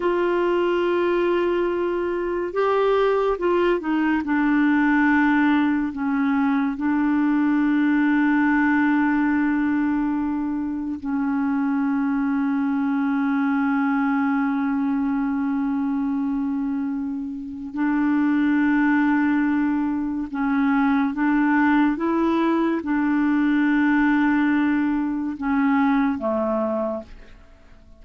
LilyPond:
\new Staff \with { instrumentName = "clarinet" } { \time 4/4 \tempo 4 = 71 f'2. g'4 | f'8 dis'8 d'2 cis'4 | d'1~ | d'4 cis'2.~ |
cis'1~ | cis'4 d'2. | cis'4 d'4 e'4 d'4~ | d'2 cis'4 a4 | }